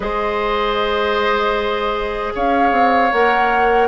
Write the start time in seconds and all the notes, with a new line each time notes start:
0.00 G#3 G#4 C5 D#5
2.34 C#4 C#5 F5
2.71 C4
3.12 A#3 A#4 F#5